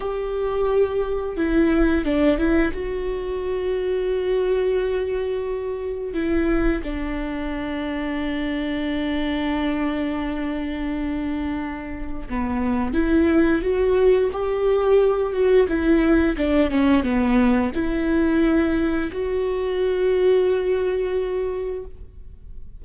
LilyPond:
\new Staff \with { instrumentName = "viola" } { \time 4/4 \tempo 4 = 88 g'2 e'4 d'8 e'8 | fis'1~ | fis'4 e'4 d'2~ | d'1~ |
d'2 b4 e'4 | fis'4 g'4. fis'8 e'4 | d'8 cis'8 b4 e'2 | fis'1 | }